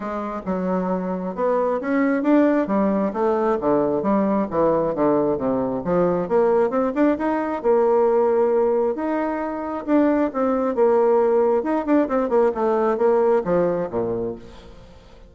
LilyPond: \new Staff \with { instrumentName = "bassoon" } { \time 4/4 \tempo 4 = 134 gis4 fis2 b4 | cis'4 d'4 g4 a4 | d4 g4 e4 d4 | c4 f4 ais4 c'8 d'8 |
dis'4 ais2. | dis'2 d'4 c'4 | ais2 dis'8 d'8 c'8 ais8 | a4 ais4 f4 ais,4 | }